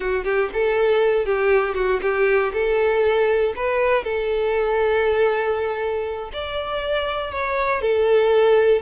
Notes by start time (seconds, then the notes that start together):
0.00 F#4
0.24 G4
0.53 A4
1.25 G4
1.74 F#4
2.01 G4
2.53 A4
3.56 B4
4.03 A4
6.33 D5
7.31 C#5
7.81 A4